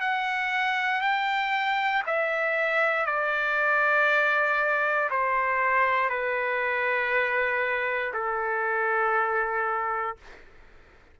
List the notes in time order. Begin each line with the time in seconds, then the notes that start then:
0.00 F#5
1.01 G5
2.06 E5
3.06 D5
5.10 C5
6.09 B4
8.13 A4